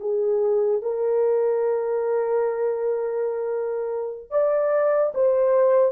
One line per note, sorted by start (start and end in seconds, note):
0.00 0.82 G#4
0.82 4.30 A#4
4.30 5.13 D5
5.14 5.92 C5